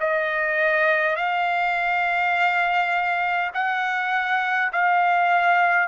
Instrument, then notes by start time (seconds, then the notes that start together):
trumpet
0.00 D#5
1.16 F5
3.53 F#5
4.72 F5